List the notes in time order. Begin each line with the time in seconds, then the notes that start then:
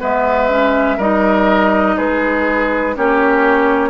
0.00 G#3 B3 B4 E5
0.50 C#4
0.98 G3 D#4 A#4 D#5
1.97 G#3 G#4 B4
2.96 A#3 C#4 G4 C#5